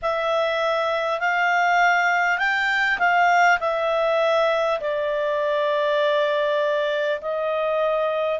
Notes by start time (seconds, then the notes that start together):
0.02 E5
1.20 F5
2.38 G5
2.98 F5
3.59 E5
4.80 D5
7.21 D#5